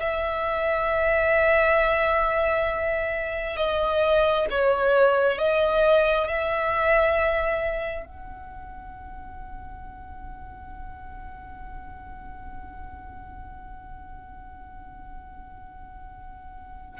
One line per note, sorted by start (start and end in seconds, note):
0.00 3.57 E5
3.57 4.47 D#5
4.50 5.39 C#5
5.39 6.28 D#5
6.28 8.06 E5
8.06 17.00 F#5